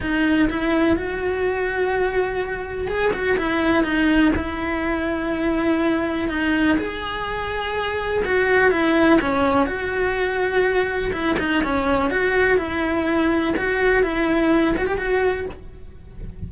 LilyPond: \new Staff \with { instrumentName = "cello" } { \time 4/4 \tempo 4 = 124 dis'4 e'4 fis'2~ | fis'2 gis'8 fis'8 e'4 | dis'4 e'2.~ | e'4 dis'4 gis'2~ |
gis'4 fis'4 e'4 cis'4 | fis'2. e'8 dis'8 | cis'4 fis'4 e'2 | fis'4 e'4. fis'16 g'16 fis'4 | }